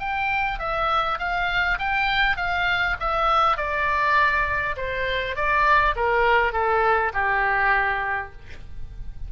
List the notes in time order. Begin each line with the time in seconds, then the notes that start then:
0.00 G5
0.59 E5
1.19 F5
1.79 G5
2.37 F5
3.00 E5
3.57 D5
4.77 C5
5.36 D5
5.96 A#4
6.53 A4
7.14 G4